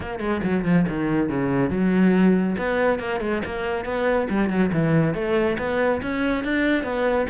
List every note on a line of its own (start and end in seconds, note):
0.00 0.19 A#3
0.19 0.41 G#3
0.43 0.64 F#3
0.64 0.85 F3
0.88 1.29 D#3
1.29 1.70 C#3
1.70 2.55 F#3
2.58 2.99 B3
2.99 3.20 A#3
3.20 3.41 G#3
3.45 3.85 A#3
3.85 4.27 B3
4.29 4.49 G3
4.49 4.70 F#3
4.72 5.14 E3
5.14 5.57 A3
5.58 6.01 B3
6.01 6.44 C#4
6.44 6.83 D4
6.83 7.26 B3